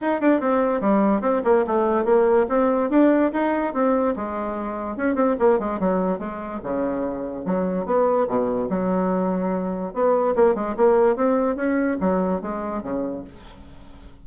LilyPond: \new Staff \with { instrumentName = "bassoon" } { \time 4/4 \tempo 4 = 145 dis'8 d'8 c'4 g4 c'8 ais8 | a4 ais4 c'4 d'4 | dis'4 c'4 gis2 | cis'8 c'8 ais8 gis8 fis4 gis4 |
cis2 fis4 b4 | b,4 fis2. | b4 ais8 gis8 ais4 c'4 | cis'4 fis4 gis4 cis4 | }